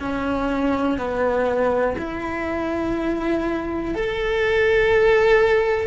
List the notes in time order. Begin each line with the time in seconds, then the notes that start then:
0.00 C#4
0.98 B3
1.99 E4
3.95 A4